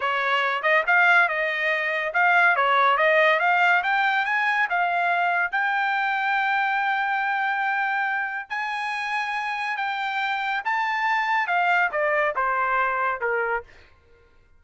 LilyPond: \new Staff \with { instrumentName = "trumpet" } { \time 4/4 \tempo 4 = 141 cis''4. dis''8 f''4 dis''4~ | dis''4 f''4 cis''4 dis''4 | f''4 g''4 gis''4 f''4~ | f''4 g''2.~ |
g''1 | gis''2. g''4~ | g''4 a''2 f''4 | d''4 c''2 ais'4 | }